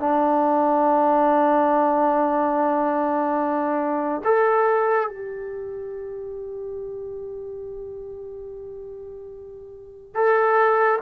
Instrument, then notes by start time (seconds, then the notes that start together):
trombone
0.00 D4
4.25 A4
5.09 G4
10.15 A4